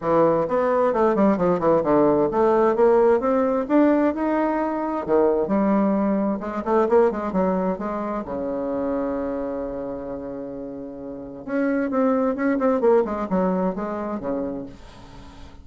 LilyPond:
\new Staff \with { instrumentName = "bassoon" } { \time 4/4 \tempo 4 = 131 e4 b4 a8 g8 f8 e8 | d4 a4 ais4 c'4 | d'4 dis'2 dis4 | g2 gis8 a8 ais8 gis8 |
fis4 gis4 cis2~ | cis1~ | cis4 cis'4 c'4 cis'8 c'8 | ais8 gis8 fis4 gis4 cis4 | }